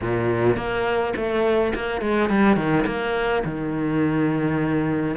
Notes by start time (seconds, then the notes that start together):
0.01 A#2
0.56 A#3
1.16 A3
1.74 A#3
2.01 G#3
2.29 G3
2.56 D#3
2.86 A#3
3.44 D#3